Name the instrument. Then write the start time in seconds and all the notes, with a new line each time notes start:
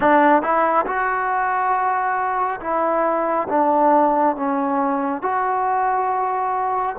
trombone
0.00 D4
0.42 E4
0.86 F#4
2.60 E4
3.49 D4
4.36 C#4
5.22 F#4